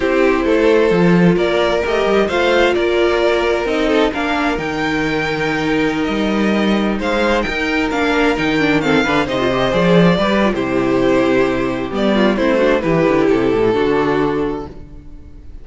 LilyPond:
<<
  \new Staff \with { instrumentName = "violin" } { \time 4/4 \tempo 4 = 131 c''2. d''4 | dis''4 f''4 d''2 | dis''4 f''4 g''2~ | g''4~ g''16 dis''2 f''8.~ |
f''16 g''4 f''4 g''4 f''8.~ | f''16 dis''4 d''4.~ d''16 c''4~ | c''2 d''4 c''4 | b'4 a'2. | }
  \new Staff \with { instrumentName = "violin" } { \time 4/4 g'4 a'2 ais'4~ | ais'4 c''4 ais'2~ | ais'8 a'8 ais'2.~ | ais'2.~ ais'16 c''8.~ |
c''16 ais'2. a'8 b'16~ | b'16 c''2 b'8. g'4~ | g'2~ g'8 f'8 e'8 fis'8 | g'2 fis'2 | }
  \new Staff \with { instrumentName = "viola" } { \time 4/4 e'2 f'2 | g'4 f'2. | dis'4 d'4 dis'2~ | dis'1~ |
dis'4~ dis'16 d'4 dis'8 d'8 c'8 d'16~ | d'16 dis'16 f'16 g'8 gis'4 g'8 f'16 e'4~ | e'2 b4 c'8 d'8 | e'2 d'2 | }
  \new Staff \with { instrumentName = "cello" } { \time 4/4 c'4 a4 f4 ais4 | a8 g8 a4 ais2 | c'4 ais4 dis2~ | dis4~ dis16 g2 gis8.~ |
gis16 dis'4 ais4 dis4. d16~ | d16 c4 f4 g8. c4~ | c2 g4 a4 | e8 d8 c8 a,8 d2 | }
>>